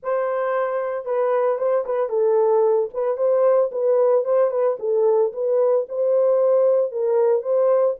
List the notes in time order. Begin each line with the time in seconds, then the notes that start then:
0.02 C5
1.05 B4
1.58 C5
1.85 B4
2.09 A4
2.93 B4
3.17 C5
3.71 B4
4.25 C5
4.50 B4
4.79 A4
5.32 B4
5.88 C5
6.91 A#4
7.42 C5